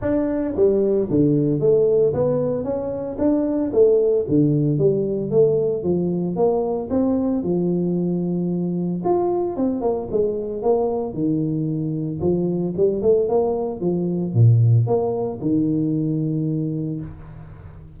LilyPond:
\new Staff \with { instrumentName = "tuba" } { \time 4/4 \tempo 4 = 113 d'4 g4 d4 a4 | b4 cis'4 d'4 a4 | d4 g4 a4 f4 | ais4 c'4 f2~ |
f4 f'4 c'8 ais8 gis4 | ais4 dis2 f4 | g8 a8 ais4 f4 ais,4 | ais4 dis2. | }